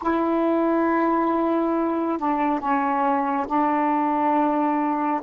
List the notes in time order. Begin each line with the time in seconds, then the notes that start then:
0.02 E4
2.18 D4
2.59 C#4
3.47 D4